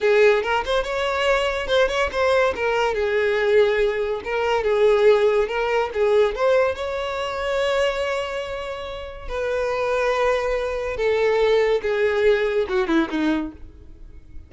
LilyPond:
\new Staff \with { instrumentName = "violin" } { \time 4/4 \tempo 4 = 142 gis'4 ais'8 c''8 cis''2 | c''8 cis''8 c''4 ais'4 gis'4~ | gis'2 ais'4 gis'4~ | gis'4 ais'4 gis'4 c''4 |
cis''1~ | cis''2 b'2~ | b'2 a'2 | gis'2 fis'8 e'8 dis'4 | }